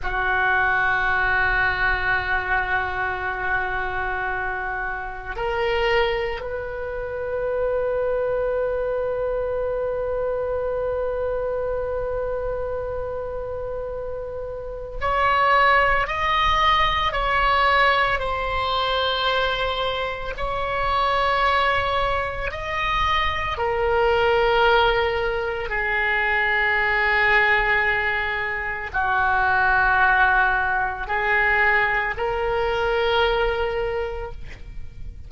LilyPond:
\new Staff \with { instrumentName = "oboe" } { \time 4/4 \tempo 4 = 56 fis'1~ | fis'4 ais'4 b'2~ | b'1~ | b'2 cis''4 dis''4 |
cis''4 c''2 cis''4~ | cis''4 dis''4 ais'2 | gis'2. fis'4~ | fis'4 gis'4 ais'2 | }